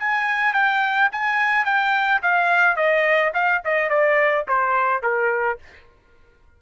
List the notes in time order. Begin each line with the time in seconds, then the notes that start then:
0.00 G#5
0.54 G5
1.12 G#5
1.65 G5
2.23 F5
2.77 D#5
3.34 F5
3.65 D#5
3.90 D5
4.48 C5
5.03 A#4